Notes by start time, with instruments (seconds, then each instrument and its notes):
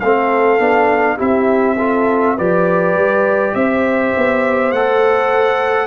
0.00 tuba A3, trombone C4, horn A4, trumpet F5
0.59 tuba B3, trombone D4
1.17 tuba C4, trombone E4, horn G4, trumpet E5
1.78 trombone F4, horn A4
2.37 tuba F3, trombone G4, horn B4, trumpet D5
2.95 tuba G3
3.55 tuba C4, horn C5, trumpet E5
4.17 tuba B3
4.72 tuba A3, trombone A4, trumpet F#5